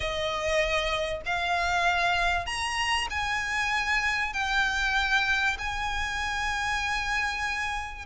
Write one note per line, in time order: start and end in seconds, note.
0.00 1.21 D#5
1.25 2.45 F5
2.45 3.07 A#5
3.10 4.33 G#5
4.33 5.57 G5
5.58 8.05 G#5